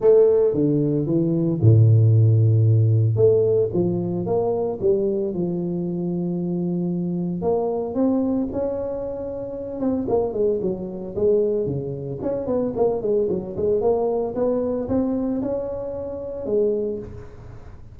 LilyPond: \new Staff \with { instrumentName = "tuba" } { \time 4/4 \tempo 4 = 113 a4 d4 e4 a,4~ | a,2 a4 f4 | ais4 g4 f2~ | f2 ais4 c'4 |
cis'2~ cis'8 c'8 ais8 gis8 | fis4 gis4 cis4 cis'8 b8 | ais8 gis8 fis8 gis8 ais4 b4 | c'4 cis'2 gis4 | }